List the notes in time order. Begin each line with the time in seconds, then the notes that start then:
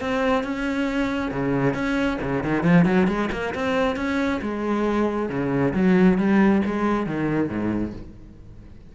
0.00 C4
0.43 C#4
1.31 C#3
1.73 C#4
2.21 C#3
2.43 D#3
2.63 F3
2.85 F#3
3.07 G#3
3.31 A#3
3.54 C4
3.96 C#4
4.41 G#3
5.29 C#3
5.73 F#3
6.17 G3
6.65 G#3
7.06 D#3
7.49 G#2